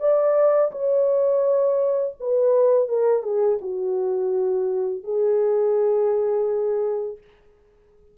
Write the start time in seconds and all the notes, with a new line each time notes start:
0.00 D5
0.72 C#5
2.20 B4
2.88 A#4
3.23 G#4
3.61 F#4
5.04 G#4